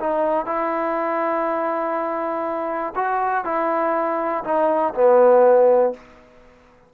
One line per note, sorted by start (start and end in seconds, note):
0.00 0.46 D#4
0.46 2.94 E4
2.96 3.45 F#4
3.45 4.44 E4
4.44 4.94 D#4
4.94 5.93 B3